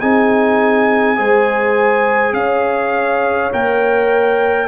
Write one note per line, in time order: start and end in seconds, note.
0.00 1.19 C4
0.00 1.16 D#4
0.00 1.18 G#4
0.00 2.34 G#5
1.16 2.33 G#3
1.16 3.52 G#4
1.16 2.36 C5
2.33 3.50 C#4
2.33 4.68 C#5
2.33 3.52 F5
3.52 4.68 A#3
3.52 4.68 A#4
3.52 4.68 G5